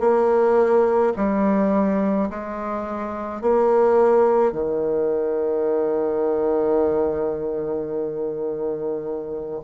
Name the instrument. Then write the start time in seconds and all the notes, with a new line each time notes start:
bassoon
0.00 A#3
1.16 G3
2.30 G#3
3.42 A#3
4.52 D#3